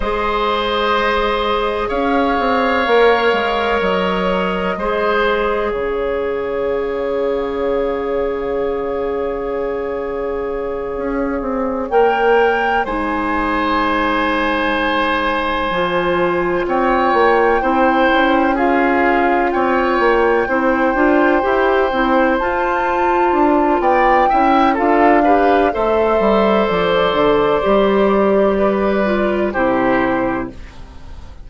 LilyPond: <<
  \new Staff \with { instrumentName = "flute" } { \time 4/4 \tempo 4 = 63 dis''2 f''2 | dis''2 f''2~ | f''1~ | f''8 g''4 gis''2~ gis''8~ |
gis''4. g''2 f''8~ | f''8 g''2. a''8~ | a''4 g''4 f''4 e''4 | d''2. c''4 | }
  \new Staff \with { instrumentName = "oboe" } { \time 4/4 c''2 cis''2~ | cis''4 c''4 cis''2~ | cis''1~ | cis''4. c''2~ c''8~ |
c''4. cis''4 c''4 gis'8~ | gis'8 cis''4 c''2~ c''8~ | c''4 d''8 e''8 a'8 b'8 c''4~ | c''2 b'4 g'4 | }
  \new Staff \with { instrumentName = "clarinet" } { \time 4/4 gis'2. ais'4~ | ais'4 gis'2.~ | gis'1~ | gis'8 ais'4 dis'2~ dis'8~ |
dis'8 f'2 e'4 f'8~ | f'4. e'8 f'8 g'8 e'8 f'8~ | f'4. e'8 f'8 g'8 a'4~ | a'4 g'4. f'8 e'4 | }
  \new Staff \with { instrumentName = "bassoon" } { \time 4/4 gis2 cis'8 c'8 ais8 gis8 | fis4 gis4 cis2~ | cis2.~ cis8 cis'8 | c'8 ais4 gis2~ gis8~ |
gis8 f4 c'8 ais8 c'8 cis'4~ | cis'8 c'8 ais8 c'8 d'8 e'8 c'8 f'8~ | f'8 d'8 b8 cis'8 d'4 a8 g8 | f8 d8 g2 c4 | }
>>